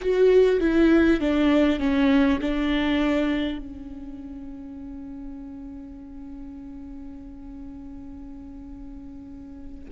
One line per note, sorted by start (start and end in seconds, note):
0.01 0.60 F#4
0.60 1.20 E4
1.20 1.79 D4
1.79 2.39 C#4
2.41 3.58 D4
3.58 9.88 C#4